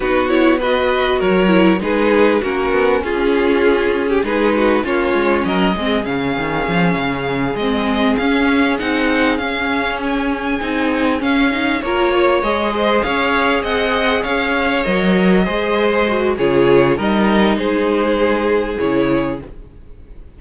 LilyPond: <<
  \new Staff \with { instrumentName = "violin" } { \time 4/4 \tempo 4 = 99 b'8 cis''8 dis''4 cis''4 b'4 | ais'4 gis'2 b'4 | cis''4 dis''4 f''2~ | f''8 dis''4 f''4 fis''4 f''8~ |
f''8 gis''2 f''4 cis''8~ | cis''8 dis''4 f''4 fis''4 f''8~ | f''8 dis''2~ dis''8 cis''4 | dis''4 c''2 cis''4 | }
  \new Staff \with { instrumentName = "violin" } { \time 4/4 fis'4 b'4 ais'4 gis'4 | fis'4 f'4.~ f'16 g'16 gis'8 fis'8 | f'4 ais'8 gis'2~ gis'8~ | gis'1~ |
gis'2.~ gis'8 ais'8 | cis''4 c''8 cis''4 dis''4 cis''8~ | cis''4. c''4. gis'4 | ais'4 gis'2. | }
  \new Staff \with { instrumentName = "viola" } { \time 4/4 dis'8 e'8 fis'4. e'8 dis'4 | cis'2. dis'4 | cis'4. c'8 cis'2~ | cis'8 c'4 cis'4 dis'4 cis'8~ |
cis'4. dis'4 cis'8 dis'8 f'8~ | f'8 gis'2.~ gis'8~ | gis'8 ais'4 gis'4 fis'8 f'4 | dis'2. e'4 | }
  \new Staff \with { instrumentName = "cello" } { \time 4/4 b2 fis4 gis4 | ais8 b8 cis'2 gis4 | ais8 gis8 fis8 gis8 cis8 dis8 f8 cis8~ | cis8 gis4 cis'4 c'4 cis'8~ |
cis'4. c'4 cis'4 ais8~ | ais8 gis4 cis'4 c'4 cis'8~ | cis'8 fis4 gis4. cis4 | g4 gis2 cis4 | }
>>